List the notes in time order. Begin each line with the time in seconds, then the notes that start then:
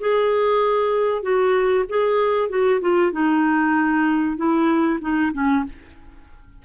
0.00 G#4
1.22 F#4
1.89 G#4
2.49 F#4
2.81 F4
3.12 D#4
4.37 E4
5.01 D#4
5.33 C#4